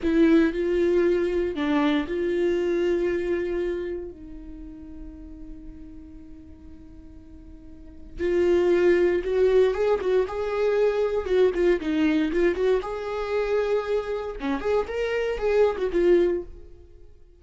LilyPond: \new Staff \with { instrumentName = "viola" } { \time 4/4 \tempo 4 = 117 e'4 f'2 d'4 | f'1 | dis'1~ | dis'1 |
f'2 fis'4 gis'8 fis'8 | gis'2 fis'8 f'8 dis'4 | f'8 fis'8 gis'2. | cis'8 gis'8 ais'4 gis'8. fis'16 f'4 | }